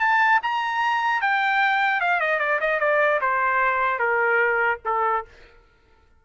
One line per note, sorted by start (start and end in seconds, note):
0.00 0.40 A5
0.43 1.22 A#5
1.22 2.01 G5
2.01 2.21 F5
2.21 2.40 D#5
2.40 2.60 D5
2.61 2.80 D#5
2.80 3.20 D5
3.21 3.99 C5
3.99 4.79 A#4
4.85 5.25 A4